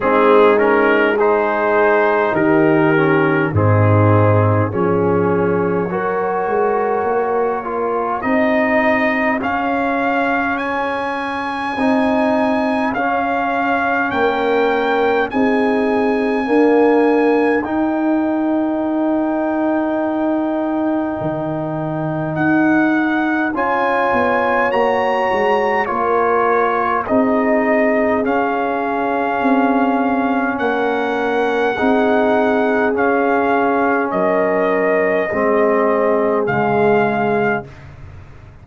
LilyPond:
<<
  \new Staff \with { instrumentName = "trumpet" } { \time 4/4 \tempo 4 = 51 gis'8 ais'8 c''4 ais'4 gis'4 | cis''2. dis''4 | f''4 gis''2 f''4 | g''4 gis''2 g''4~ |
g''2. fis''4 | gis''4 ais''4 cis''4 dis''4 | f''2 fis''2 | f''4 dis''2 f''4 | }
  \new Staff \with { instrumentName = "horn" } { \time 4/4 dis'4 gis'4 g'4 dis'4 | gis'4 ais'2 gis'4~ | gis'1 | ais'4 gis'4 ais'2~ |
ais'1 | cis''2 ais'4 gis'4~ | gis'2 ais'4 gis'4~ | gis'4 ais'4 gis'2 | }
  \new Staff \with { instrumentName = "trombone" } { \time 4/4 c'8 cis'8 dis'4. cis'8 c'4 | cis'4 fis'4. f'8 dis'4 | cis'2 dis'4 cis'4~ | cis'4 dis'4 ais4 dis'4~ |
dis'1 | f'4 fis'4 f'4 dis'4 | cis'2. dis'4 | cis'2 c'4 gis4 | }
  \new Staff \with { instrumentName = "tuba" } { \time 4/4 gis2 dis4 gis,4 | f4 fis8 gis8 ais4 c'4 | cis'2 c'4 cis'4 | ais4 c'4 d'4 dis'4~ |
dis'2 dis4 dis'4 | cis'8 b8 ais8 gis8 ais4 c'4 | cis'4 c'4 ais4 c'4 | cis'4 fis4 gis4 cis4 | }
>>